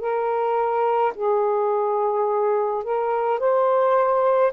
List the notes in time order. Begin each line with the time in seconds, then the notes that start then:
0.00 A#4
1.15 G#4
2.84 A#4
3.40 C5